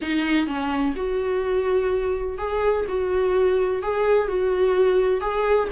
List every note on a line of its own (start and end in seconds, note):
0.01 0.47 D#4
0.47 0.94 C#4
0.96 2.37 F#4
2.37 2.85 G#4
2.88 3.82 F#4
3.82 4.27 G#4
4.27 5.20 F#4
5.20 5.68 G#4